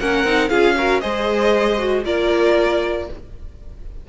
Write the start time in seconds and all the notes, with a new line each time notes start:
0.00 A#3 C#4 A#4 F#5
0.24 C4 D#4
0.49 C#4 F4 G#4 F5
0.77 F#4 A#4
1.00 G#3 G#4 C5 D#5
1.78 F#4
2.04 A#3 F4 A#4 D5